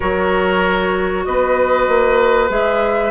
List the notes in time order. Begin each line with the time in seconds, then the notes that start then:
0.00 F#3 F#4 A#4 C#5
1.24 B3 B4 D#5
1.88 A#3
2.49 G#3 G#4 E5